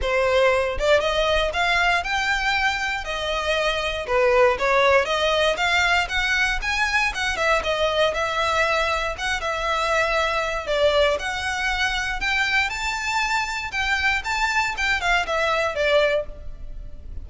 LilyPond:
\new Staff \with { instrumentName = "violin" } { \time 4/4 \tempo 4 = 118 c''4. d''8 dis''4 f''4 | g''2 dis''2 | b'4 cis''4 dis''4 f''4 | fis''4 gis''4 fis''8 e''8 dis''4 |
e''2 fis''8 e''4.~ | e''4 d''4 fis''2 | g''4 a''2 g''4 | a''4 g''8 f''8 e''4 d''4 | }